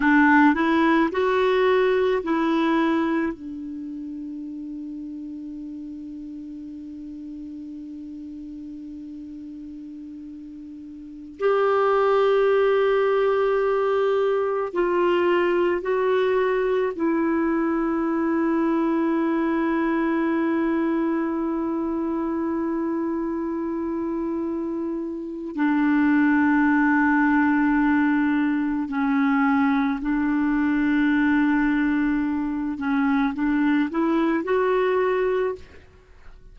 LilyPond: \new Staff \with { instrumentName = "clarinet" } { \time 4/4 \tempo 4 = 54 d'8 e'8 fis'4 e'4 d'4~ | d'1~ | d'2~ d'16 g'4.~ g'16~ | g'4~ g'16 f'4 fis'4 e'8.~ |
e'1~ | e'2. d'4~ | d'2 cis'4 d'4~ | d'4. cis'8 d'8 e'8 fis'4 | }